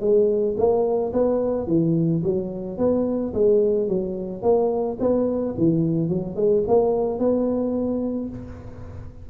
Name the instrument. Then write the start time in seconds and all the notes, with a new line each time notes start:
tuba
0.00 G#3
0.57 A#3
1.13 B3
1.67 E3
2.23 F#3
2.77 B3
3.33 G#3
3.88 F#3
4.42 A#3
5.00 B3
5.57 E3
6.09 F#3
6.35 G#3
6.67 A#3
7.19 B3